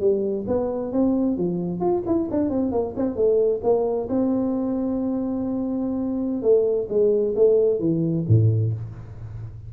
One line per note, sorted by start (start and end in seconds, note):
0.00 0.45 G3
0.47 0.92 B3
0.92 1.37 C4
1.37 1.80 F3
1.80 2.03 F4
2.06 2.29 E4
2.30 2.49 D4
2.49 2.72 C4
2.72 2.94 A#3
2.96 3.16 C4
3.16 3.61 A3
3.63 4.08 A#3
4.09 6.42 C4
6.42 6.87 A3
6.89 7.34 G#3
7.36 7.80 A3
7.80 8.25 E3
8.28 8.73 A2